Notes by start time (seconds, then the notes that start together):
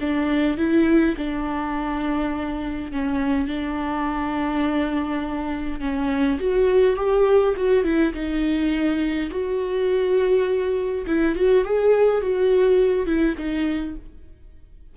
0.00 D4
0.57 E4
1.17 D4
2.92 C#4
3.47 D4
5.80 C#4
6.39 F#4
6.96 G4
7.56 F#4
7.83 E4
8.13 D#4
9.30 F#4
11.06 E4
11.35 F#4
11.64 G#4
12.21 F#4
13.06 E4
13.37 D#4